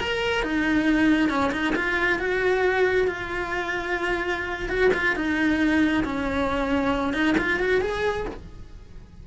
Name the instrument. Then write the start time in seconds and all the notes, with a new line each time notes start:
cello
0.00 A#4
0.42 D#4
1.29 C#4
1.52 D#4
1.75 F4
2.19 F#4
3.07 F4
4.69 F#4
4.94 F4
5.15 D#4
6.04 C#4
7.13 D#4
7.38 F4
7.60 F#4
7.81 G#4